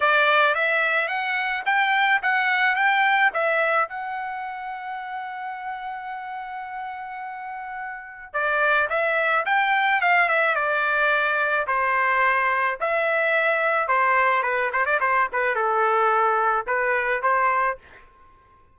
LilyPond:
\new Staff \with { instrumentName = "trumpet" } { \time 4/4 \tempo 4 = 108 d''4 e''4 fis''4 g''4 | fis''4 g''4 e''4 fis''4~ | fis''1~ | fis''2. d''4 |
e''4 g''4 f''8 e''8 d''4~ | d''4 c''2 e''4~ | e''4 c''4 b'8 c''16 d''16 c''8 b'8 | a'2 b'4 c''4 | }